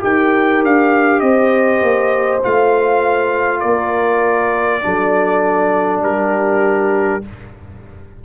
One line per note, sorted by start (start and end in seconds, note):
0.00 0.64 D#4
0.00 2.40 G4
0.00 1.23 A#4
0.00 0.64 G5
0.64 1.22 D4
0.64 1.20 F5
1.20 1.81 C4
1.20 3.61 C5
1.20 2.40 D#5
1.82 2.42 A#3
2.44 3.63 A3
2.44 4.82 F4
2.44 3.60 F5
3.60 4.83 A#3
3.60 4.81 A#4
3.60 6.00 D5
4.82 6.01 F#3
4.82 7.22 D4
4.82 6.05 A4
6.01 7.21 G3
6.01 7.25 G4
6.01 7.24 A#4